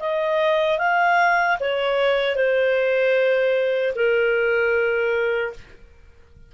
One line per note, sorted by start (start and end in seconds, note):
0.00 0.79 D#5
0.79 1.58 F5
1.60 2.36 C#5
2.36 3.94 C5
3.95 5.53 A#4